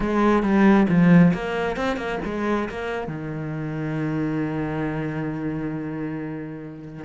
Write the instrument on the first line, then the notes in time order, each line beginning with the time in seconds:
cello
0.00 G#3
0.42 G3
0.88 F3
1.33 A#3
1.76 C4
1.96 A#3
2.24 G#3
2.69 A#3
3.07 D#3